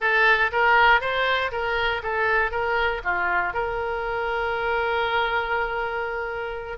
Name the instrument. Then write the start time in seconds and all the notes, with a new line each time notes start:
oboe
0.00 A4
0.52 A#4
1.01 C5
1.51 A#4
2.02 A4
2.51 A#4
3.04 F4
3.53 A#4